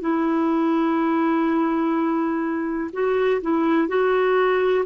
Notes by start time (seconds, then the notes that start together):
0.00 E4
2.93 F#4
3.41 E4
3.88 F#4